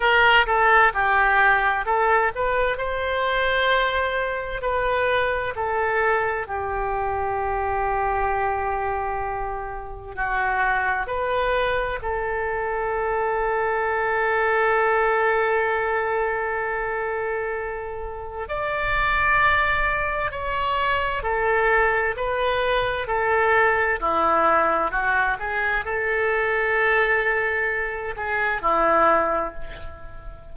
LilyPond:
\new Staff \with { instrumentName = "oboe" } { \time 4/4 \tempo 4 = 65 ais'8 a'8 g'4 a'8 b'8 c''4~ | c''4 b'4 a'4 g'4~ | g'2. fis'4 | b'4 a'2.~ |
a'1 | d''2 cis''4 a'4 | b'4 a'4 e'4 fis'8 gis'8 | a'2~ a'8 gis'8 e'4 | }